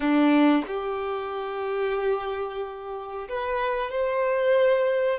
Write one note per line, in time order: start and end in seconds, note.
0.00 0.63 D4
0.67 3.28 G4
3.28 3.90 B4
3.90 5.18 C5